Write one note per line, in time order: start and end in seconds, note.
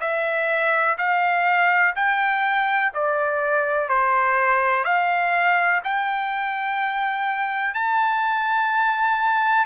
0.00 0.97 E5
0.98 1.94 F5
1.95 2.92 G5
2.94 3.89 D5
3.89 4.84 C5
4.84 5.81 F5
5.84 7.74 G5
7.74 9.65 A5